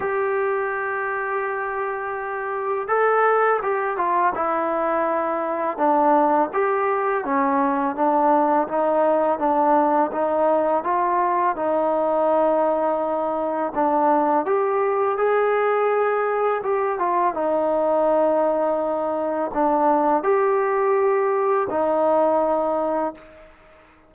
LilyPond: \new Staff \with { instrumentName = "trombone" } { \time 4/4 \tempo 4 = 83 g'1 | a'4 g'8 f'8 e'2 | d'4 g'4 cis'4 d'4 | dis'4 d'4 dis'4 f'4 |
dis'2. d'4 | g'4 gis'2 g'8 f'8 | dis'2. d'4 | g'2 dis'2 | }